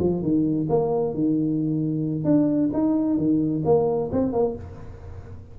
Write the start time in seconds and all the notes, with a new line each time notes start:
0.00 F3
0.23 D#3
0.70 A#3
1.14 D#3
2.25 D4
2.74 D#4
3.18 D#3
3.65 A#3
4.12 C4
4.33 A#3